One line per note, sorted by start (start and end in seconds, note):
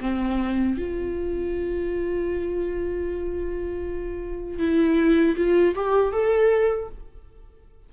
0.00 0.77 C4
0.77 4.58 F4
4.58 5.35 E4
5.36 5.74 F4
5.75 6.12 G4
6.12 6.89 A4